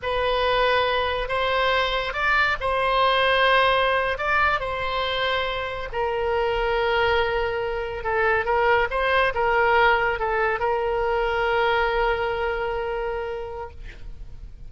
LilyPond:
\new Staff \with { instrumentName = "oboe" } { \time 4/4 \tempo 4 = 140 b'2. c''4~ | c''4 d''4 c''2~ | c''4.~ c''16 d''4 c''4~ c''16~ | c''4.~ c''16 ais'2~ ais'16~ |
ais'2~ ais'8. a'4 ais'16~ | ais'8. c''4 ais'2 a'16~ | a'8. ais'2.~ ais'16~ | ais'1 | }